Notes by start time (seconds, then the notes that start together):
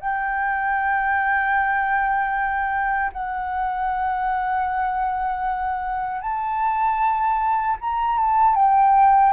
0.00 G5
3.13 F#5
6.22 A5
7.81 A#5
8.19 A5
8.56 G5